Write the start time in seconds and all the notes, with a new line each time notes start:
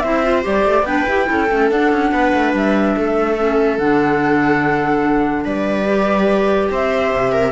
0.00 C4 E4 C5 E5
0.24 F4
0.43 G3 G4 D5
0.66 A3
0.83 B3 D4 B4 G5
1.08 E4 G4
1.26 C#4 E4 A4
1.51 A3 C#4
1.70 D4 F#5
1.92 C#4
2.12 B3 B4
2.34 A3
2.54 G3 E5
2.96 A3 A4
3.38 C#4
3.78 D3 D4 F#5
5.45 G3 B4 D5
5.86 G4
6.71 C4 C5 E5
7.13 C3
7.33 A#4